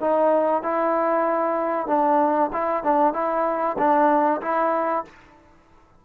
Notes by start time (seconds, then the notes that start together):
0.00 D#4
0.62 E4
1.87 D4
2.52 E4
2.83 D4
3.13 E4
3.78 D4
4.41 E4